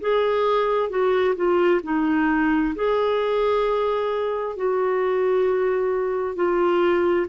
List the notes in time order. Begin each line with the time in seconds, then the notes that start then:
0.00 G#4
0.89 F#4
1.35 F4
1.83 D#4
2.75 G#4
4.56 F#4
6.35 F4